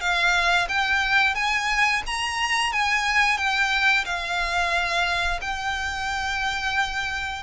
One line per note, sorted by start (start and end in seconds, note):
0.00 0.67 F5
0.68 1.35 G5
1.35 2.02 G#5
2.06 2.72 A#5
2.72 3.37 G#5
3.37 4.05 G5
4.05 5.40 F5
5.41 7.43 G5